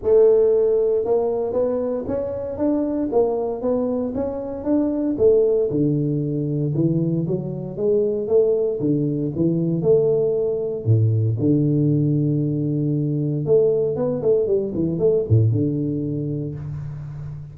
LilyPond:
\new Staff \with { instrumentName = "tuba" } { \time 4/4 \tempo 4 = 116 a2 ais4 b4 | cis'4 d'4 ais4 b4 | cis'4 d'4 a4 d4~ | d4 e4 fis4 gis4 |
a4 d4 e4 a4~ | a4 a,4 d2~ | d2 a4 b8 a8 | g8 e8 a8 a,8 d2 | }